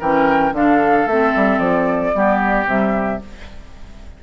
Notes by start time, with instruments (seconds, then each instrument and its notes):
0.00 bassoon E3, clarinet C#4, oboe A#4, flute G5
0.53 bassoon D3, clarinet D4, oboe A4, flute F5
1.07 bassoon A3, clarinet C4, flute E5
1.36 bassoon G3
1.59 bassoon F3, flute D5
2.15 bassoon G3, clarinet B3, oboe G4
2.66 bassoon C3, clarinet G3, flute E5